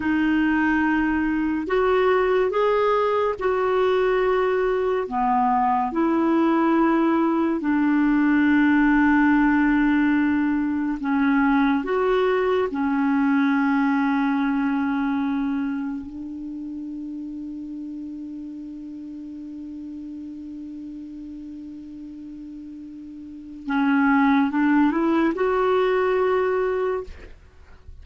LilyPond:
\new Staff \with { instrumentName = "clarinet" } { \time 4/4 \tempo 4 = 71 dis'2 fis'4 gis'4 | fis'2 b4 e'4~ | e'4 d'2.~ | d'4 cis'4 fis'4 cis'4~ |
cis'2. d'4~ | d'1~ | d'1 | cis'4 d'8 e'8 fis'2 | }